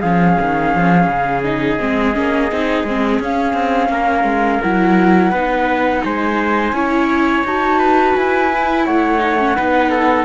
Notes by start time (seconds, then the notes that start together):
0.00 F3 C#4 G#4 F5
0.40 D#3
0.75 F3
1.07 C#3
1.43 D#4 D#5
1.79 G#3 C4
2.13 A#3 C#4
2.51 C4 D#4
2.84 G#3 C4
3.19 C#4 F5
3.53 C4
3.89 A#3 A#4
4.24 G#3
4.62 F#3 E4 F#5
5.30 B3 D#4 B4
6.04 G#3 C5 G#5
6.72 C#4 E4 C#5
7.44 D#4 F#4 A5
7.79 B4
8.16 E4 G#5
8.53 E4
8.85 A3 C#5 F#5
9.18 D#4
9.39 C#4
9.56 B3 D#4 B4
9.90 A4